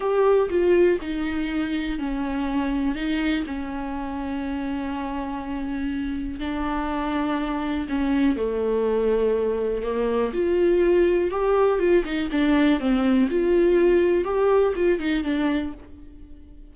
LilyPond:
\new Staff \with { instrumentName = "viola" } { \time 4/4 \tempo 4 = 122 g'4 f'4 dis'2 | cis'2 dis'4 cis'4~ | cis'1~ | cis'4 d'2. |
cis'4 a2. | ais4 f'2 g'4 | f'8 dis'8 d'4 c'4 f'4~ | f'4 g'4 f'8 dis'8 d'4 | }